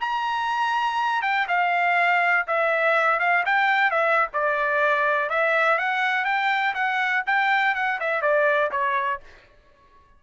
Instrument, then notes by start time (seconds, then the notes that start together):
trumpet
0.00 A#5
1.22 G5
1.48 F5
2.47 E5
3.19 F5
3.45 G5
3.91 E5
4.33 D5
5.29 E5
5.78 F#5
6.25 G5
6.74 F#5
7.26 G5
7.74 F#5
8.00 E5
8.21 D5
8.71 C#5